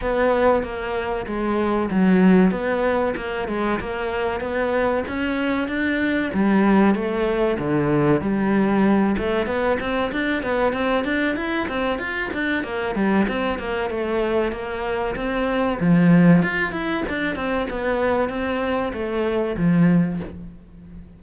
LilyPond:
\new Staff \with { instrumentName = "cello" } { \time 4/4 \tempo 4 = 95 b4 ais4 gis4 fis4 | b4 ais8 gis8 ais4 b4 | cis'4 d'4 g4 a4 | d4 g4. a8 b8 c'8 |
d'8 b8 c'8 d'8 e'8 c'8 f'8 d'8 | ais8 g8 c'8 ais8 a4 ais4 | c'4 f4 f'8 e'8 d'8 c'8 | b4 c'4 a4 f4 | }